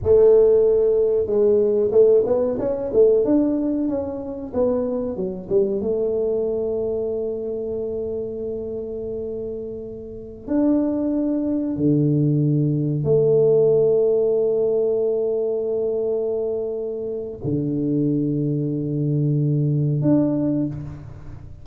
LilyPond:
\new Staff \with { instrumentName = "tuba" } { \time 4/4 \tempo 4 = 93 a2 gis4 a8 b8 | cis'8 a8 d'4 cis'4 b4 | fis8 g8 a2.~ | a1~ |
a16 d'2 d4.~ d16~ | d16 a2.~ a8.~ | a2. d4~ | d2. d'4 | }